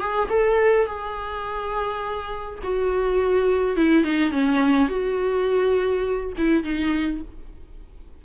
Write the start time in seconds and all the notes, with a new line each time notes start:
0.00 G#4
0.30 A4
0.86 G#4
2.63 F#4
3.76 E4
4.04 D#4
4.31 C#4
4.88 F#4
6.37 E4
6.63 D#4